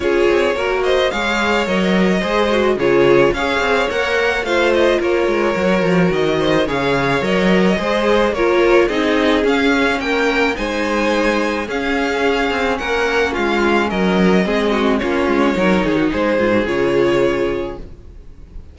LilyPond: <<
  \new Staff \with { instrumentName = "violin" } { \time 4/4 \tempo 4 = 108 cis''4. dis''8 f''4 dis''4~ | dis''4 cis''4 f''4 fis''4 | f''8 dis''8 cis''2 dis''4 | f''4 dis''2 cis''4 |
dis''4 f''4 g''4 gis''4~ | gis''4 f''2 fis''4 | f''4 dis''2 cis''4~ | cis''4 c''4 cis''2 | }
  \new Staff \with { instrumentName = "violin" } { \time 4/4 gis'4 ais'8 c''8 cis''2 | c''4 gis'4 cis''2 | c''4 ais'2~ ais'8 c''8 | cis''2 c''4 ais'4 |
gis'2 ais'4 c''4~ | c''4 gis'2 ais'4 | f'4 ais'4 gis'8 fis'8 f'4 | ais'8 gis'16 fis'16 gis'2. | }
  \new Staff \with { instrumentName = "viola" } { \time 4/4 f'4 fis'4 gis'4 ais'4 | gis'8 fis'8 f'4 gis'4 ais'4 | f'2 fis'2 | gis'4 ais'4 gis'4 f'4 |
dis'4 cis'2 dis'4~ | dis'4 cis'2.~ | cis'2 c'4 cis'4 | dis'4. f'16 fis'16 f'2 | }
  \new Staff \with { instrumentName = "cello" } { \time 4/4 cis'8 c'8 ais4 gis4 fis4 | gis4 cis4 cis'8 c'8 ais4 | a4 ais8 gis8 fis8 f8 dis4 | cis4 fis4 gis4 ais4 |
c'4 cis'4 ais4 gis4~ | gis4 cis'4. c'8 ais4 | gis4 fis4 gis4 ais8 gis8 | fis8 dis8 gis8 gis,8 cis2 | }
>>